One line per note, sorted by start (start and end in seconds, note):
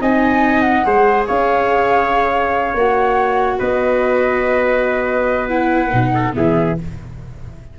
0.00 0.85 C4
0.00 0.84 D#4
0.00 0.86 D#5
0.00 0.60 G#5
0.60 1.24 F#5
0.84 1.28 G#3
0.84 2.74 G#4
0.84 1.26 C5
1.26 2.74 C#4
1.26 3.58 C#5
1.26 2.75 F5
2.74 3.59 A#3
2.74 5.49 F#4
2.74 3.59 F#5
3.58 5.93 B3
3.58 6.12 B4
3.58 5.48 D#5
5.48 5.91 E4
5.48 6.32 F#5
5.91 6.35 B2
5.91 6.33 D#4
6.14 6.35 A4
6.33 6.79 E3
6.33 6.75 B3
6.33 6.79 G#4
6.33 6.78 E5